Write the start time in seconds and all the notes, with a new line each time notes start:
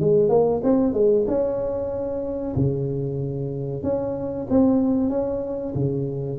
0.00 G#3
0.29 A#3
0.64 C4
0.93 G#3
1.28 C#4
2.56 C#3
3.83 C#4
4.50 C4
5.10 C#4
5.75 C#3